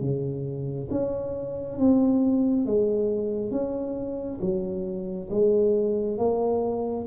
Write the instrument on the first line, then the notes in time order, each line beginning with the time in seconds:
tuba
0.00 C#3
0.90 C#4
1.78 C4
2.66 G#3
3.51 C#4
4.40 F#3
5.30 G#3
6.17 A#3